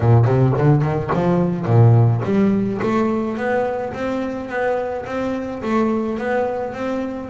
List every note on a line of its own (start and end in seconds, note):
0.00 0.25 A#2
0.25 0.53 C3
0.58 0.82 D3
0.82 1.10 D#3
1.13 1.65 F3
1.65 2.21 A#2
2.24 2.80 G3
2.82 3.37 A3
3.37 3.93 B3
3.93 4.49 C4
4.49 5.05 B3
5.05 5.62 C4
5.62 6.18 A3
6.18 6.73 B3
6.73 7.29 C4